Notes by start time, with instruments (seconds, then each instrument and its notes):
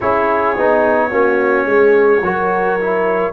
0.00 tuba C#4, trombone E4, horn G#4, trumpet C#5
0.56 tuba B3, trombone D#4
1.10 tuba A#3, trombone C#4, horn F#4
1.65 tuba G#3, horn G#4
2.21 tuba F#3, trombone F#4, horn A#4
2.80 trombone E4